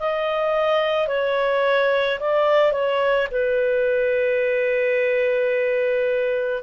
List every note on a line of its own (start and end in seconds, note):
0.00 1.08 D#5
1.08 2.19 C#5
2.20 2.72 D5
2.72 3.28 C#5
3.32 6.63 B4